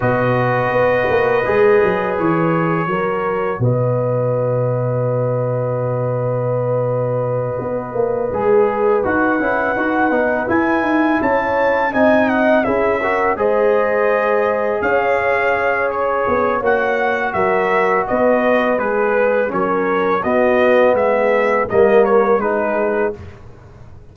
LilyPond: <<
  \new Staff \with { instrumentName = "trumpet" } { \time 4/4 \tempo 4 = 83 dis''2. cis''4~ | cis''4 dis''2.~ | dis''1~ | dis''8 fis''2 gis''4 a''8~ |
a''8 gis''8 fis''8 e''4 dis''4.~ | dis''8 f''4. cis''4 fis''4 | e''4 dis''4 b'4 cis''4 | dis''4 e''4 dis''8 cis''8 b'4 | }
  \new Staff \with { instrumentName = "horn" } { \time 4/4 b'1 | ais'4 b'2.~ | b'1~ | b'2.~ b'8 cis''8~ |
cis''8 dis''4 gis'8 ais'8 c''4.~ | c''8 cis''2.~ cis''8 | ais'4 b'2 ais'4 | fis'4 gis'4 ais'4 gis'4 | }
  \new Staff \with { instrumentName = "trombone" } { \time 4/4 fis'2 gis'2 | fis'1~ | fis'2.~ fis'8 gis'8~ | gis'8 fis'8 e'8 fis'8 dis'8 e'4.~ |
e'8 dis'4 e'8 fis'8 gis'4.~ | gis'2. fis'4~ | fis'2 gis'4 cis'4 | b2 ais4 dis'4 | }
  \new Staff \with { instrumentName = "tuba" } { \time 4/4 b,4 b8 ais8 gis8 fis8 e4 | fis4 b,2.~ | b,2~ b,8 b8 ais8 gis8~ | gis8 dis'8 cis'8 dis'8 b8 e'8 dis'8 cis'8~ |
cis'8 c'4 cis'4 gis4.~ | gis8 cis'2 b8 ais4 | fis4 b4 gis4 fis4 | b4 gis4 g4 gis4 | }
>>